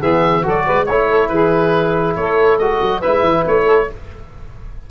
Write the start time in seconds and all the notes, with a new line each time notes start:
0.00 E3 B3 G#4 E5
0.42 F#3 F#4 A4 D5
0.66 G#3 B4
0.85 A3 E4 C#5
1.08 A4
1.28 E3 G#4 B4
2.15 A3 A4 C#5
2.58 G#3 F#4 D#5
2.81 F#3
2.99 E4 B4 E5
3.06 G#3
3.22 E3
3.47 A3 C#5
3.65 A4